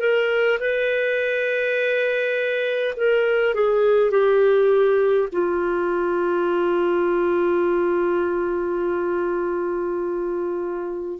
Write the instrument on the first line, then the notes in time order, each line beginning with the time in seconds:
clarinet
0.00 A#4
0.59 B4
2.96 A#4
3.54 G#4
4.11 G4
5.32 F4